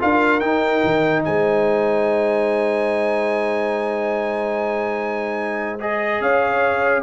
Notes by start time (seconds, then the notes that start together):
0.00 D4 F4 A#4 F5
0.40 D#4 G5
0.84 D#3
1.24 G#3 C5 G#5
5.80 G#4 D#5
6.21 C#4 C#5 F5